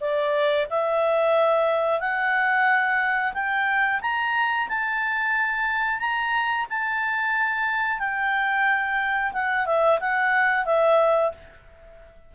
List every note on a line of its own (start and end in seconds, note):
0.00 0.67 D5
0.70 2.00 E5
2.00 3.33 F#5
3.33 4.00 G5
4.01 4.68 A#5
4.68 5.99 A5
5.99 6.66 A#5
6.69 7.98 A5
7.98 9.32 G5
9.32 9.65 F#5
9.65 9.99 E5
10.00 10.65 F#5
10.65 11.32 E5